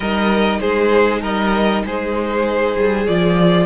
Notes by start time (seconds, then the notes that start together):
0.00 G3 D#4 A#4 D#5
0.60 G#3 G#4 C5
1.21 G3 A#4 D#5
1.84 G#3 G#4 C5
2.76 G3
3.07 F3 F4 D5